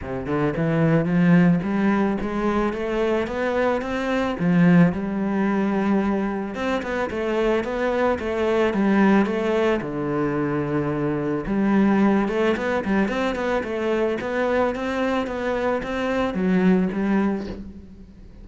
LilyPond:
\new Staff \with { instrumentName = "cello" } { \time 4/4 \tempo 4 = 110 c8 d8 e4 f4 g4 | gis4 a4 b4 c'4 | f4 g2. | c'8 b8 a4 b4 a4 |
g4 a4 d2~ | d4 g4. a8 b8 g8 | c'8 b8 a4 b4 c'4 | b4 c'4 fis4 g4 | }